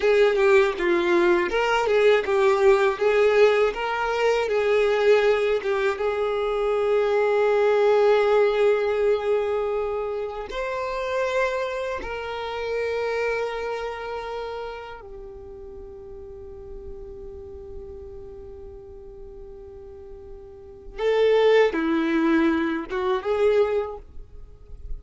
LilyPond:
\new Staff \with { instrumentName = "violin" } { \time 4/4 \tempo 4 = 80 gis'8 g'8 f'4 ais'8 gis'8 g'4 | gis'4 ais'4 gis'4. g'8 | gis'1~ | gis'2 c''2 |
ais'1 | g'1~ | g'1 | a'4 e'4. fis'8 gis'4 | }